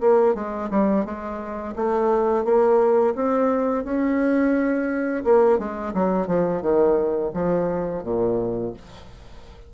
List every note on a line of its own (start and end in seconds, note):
0.00 0.35 A#3
0.35 0.69 G#3
0.70 1.05 G3
1.05 1.75 G#3
1.76 2.45 A3
2.45 3.14 A#3
3.15 3.84 C4
3.84 5.24 C#4
5.24 5.59 A#3
5.59 5.94 G#3
5.94 6.27 F#3
6.27 6.62 F3
6.62 7.32 D#3
7.34 8.04 F3
8.04 8.73 A#2